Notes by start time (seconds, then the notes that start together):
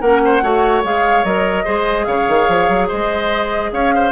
0.00 A#3 C#4 A#4 F#5
0.24 C5
0.42 A3 F#4 C#5
0.83 G#3 G#4 F5
1.24 F#3 A#4 D#5
1.64 G#3 G#4 C5
2.05 C#3 C#5 F5
2.28 D#3
2.48 F3
2.69 F#3
2.88 G#3 C5 D#5
3.72 C#4 C#5 F5
3.94 C5